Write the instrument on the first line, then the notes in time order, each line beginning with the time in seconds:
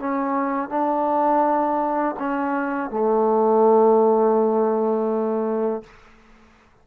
trombone
0.00 C#4
0.70 D4
2.19 C#4
2.91 A3